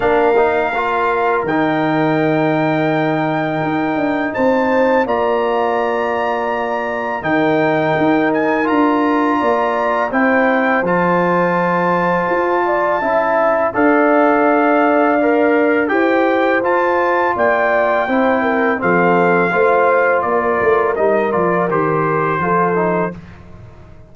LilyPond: <<
  \new Staff \with { instrumentName = "trumpet" } { \time 4/4 \tempo 4 = 83 f''2 g''2~ | g''2 a''4 ais''4~ | ais''2 g''4. gis''8 | ais''2 g''4 a''4~ |
a''2. f''4~ | f''2 g''4 a''4 | g''2 f''2 | d''4 dis''8 d''8 c''2 | }
  \new Staff \with { instrumentName = "horn" } { \time 4/4 ais'1~ | ais'2 c''4 d''4~ | d''2 ais'2~ | ais'4 d''4 c''2~ |
c''4. d''8 e''4 d''4~ | d''2 c''2 | d''4 c''8 ais'8 a'4 c''4 | ais'2. a'4 | }
  \new Staff \with { instrumentName = "trombone" } { \time 4/4 d'8 dis'8 f'4 dis'2~ | dis'2. f'4~ | f'2 dis'2 | f'2 e'4 f'4~ |
f'2 e'4 a'4~ | a'4 ais'4 g'4 f'4~ | f'4 e'4 c'4 f'4~ | f'4 dis'8 f'8 g'4 f'8 dis'8 | }
  \new Staff \with { instrumentName = "tuba" } { \time 4/4 ais2 dis2~ | dis4 dis'8 d'8 c'4 ais4~ | ais2 dis4 dis'4 | d'4 ais4 c'4 f4~ |
f4 f'4 cis'4 d'4~ | d'2 e'4 f'4 | ais4 c'4 f4 a4 | ais8 a8 g8 f8 dis4 f4 | }
>>